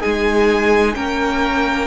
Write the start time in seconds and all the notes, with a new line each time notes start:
0.00 G#3 D#4 G#4 G#5
0.94 A#3 C#4 A#4 G5